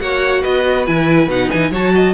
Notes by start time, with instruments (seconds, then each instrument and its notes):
0.00 cello A#3, viola F#4, violin C#5 F#5
0.41 cello B3, violin B4 D#5
0.86 cello E3, viola E4, violin G#5
1.27 cello B2, viola D#4, violin F#5
1.50 cello E3, violin G#5
1.70 cello F#3, viola F#4, violin C#5 A5
1.94 violin D#5